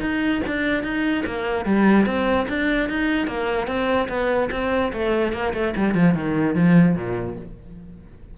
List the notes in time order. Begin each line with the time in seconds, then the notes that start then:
0.00 D#4
0.47 D4
0.83 D#4
1.25 A#3
1.65 G3
2.06 C4
2.48 D4
2.89 D#4
3.27 A#3
3.67 C4
4.08 B3
4.51 C4
4.92 A3
5.32 A#3
5.53 A3
5.76 G3
5.94 F3
6.14 D#3
6.55 F3
6.95 A#2